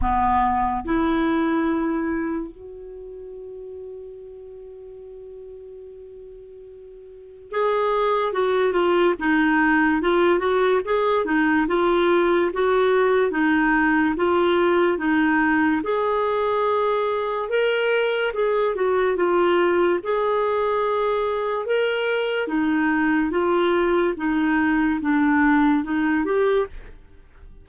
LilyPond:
\new Staff \with { instrumentName = "clarinet" } { \time 4/4 \tempo 4 = 72 b4 e'2 fis'4~ | fis'1~ | fis'4 gis'4 fis'8 f'8 dis'4 | f'8 fis'8 gis'8 dis'8 f'4 fis'4 |
dis'4 f'4 dis'4 gis'4~ | gis'4 ais'4 gis'8 fis'8 f'4 | gis'2 ais'4 dis'4 | f'4 dis'4 d'4 dis'8 g'8 | }